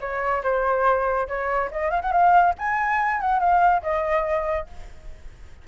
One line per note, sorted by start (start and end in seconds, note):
0.00 0.42 C#5
0.43 1.27 C5
1.28 1.70 C#5
1.71 1.90 D#5
1.90 2.01 F5
2.01 2.11 F#5
2.11 2.54 F5
2.58 3.20 G#5
3.20 3.39 F#5
3.39 3.82 F5
3.82 4.67 D#5